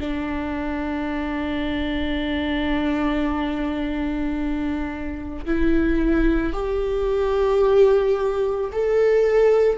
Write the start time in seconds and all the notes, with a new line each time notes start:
0.00 D4
5.46 E4
6.53 G4
8.72 A4